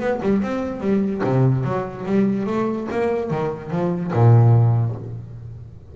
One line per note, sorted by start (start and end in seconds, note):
0.00 0.21 B3
0.22 0.43 G3
0.43 0.81 C4
0.81 1.22 G3
1.24 1.64 C3
1.64 2.05 F#3
2.06 2.47 G3
2.47 2.88 A3
2.92 3.31 A#3
3.31 3.71 D#3
3.71 4.12 F3
4.14 4.96 A#2